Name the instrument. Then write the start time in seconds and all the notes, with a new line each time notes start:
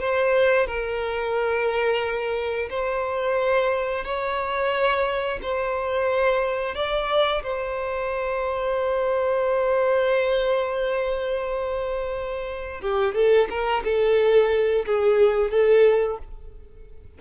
violin
0.00 C5
0.67 A#4
2.71 C5
4.05 C#5
5.42 C5
6.76 D5
7.43 C5
12.82 G4
13.15 A4
13.50 A#4
13.85 A4
14.86 G#4
15.51 A4